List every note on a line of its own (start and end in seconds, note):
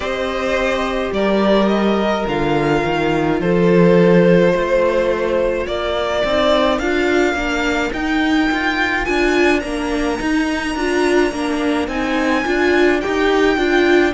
0.00 1.09 C4
0.00 2.26 G4
0.00 1.12 C5
0.00 1.12 D#5
1.12 2.25 G3
1.12 3.40 A#4
1.12 1.68 D5
1.68 2.25 D#5
2.27 2.83 D3
2.27 6.25 F4
2.27 3.40 F5
2.84 3.41 D#3
3.40 4.53 F3
3.40 4.53 A4
3.40 5.66 C5
4.53 5.66 A3
4.53 5.66 C5
5.66 6.23 A#3
5.66 14.14 A#4
5.66 6.79 D5
6.24 6.79 C4
6.24 6.82 D#4
6.79 7.33 D4
6.79 7.35 F4
6.79 7.92 F5
7.33 7.90 A#3
7.33 7.92 D4
7.92 8.49 D#4
7.92 9.04 D#4
7.92 9.05 G5
8.51 9.07 F4
9.04 9.63 D4
9.04 9.61 F4
9.04 9.59 G#5
9.59 10.19 A#3
9.59 10.18 D4
9.59 11.86 A#5
10.18 10.75 D#4
10.75 11.31 D4
10.75 11.32 F4
11.31 11.87 A#3
11.31 11.89 D4
11.87 12.44 C4
11.87 12.44 D#4
11.87 13.00 G#5
12.44 13.02 D4
12.44 13.01 F4
13.00 13.56 G4
13.00 14.13 G5
13.06 13.57 D#4
13.56 14.13 D4
13.56 14.12 F4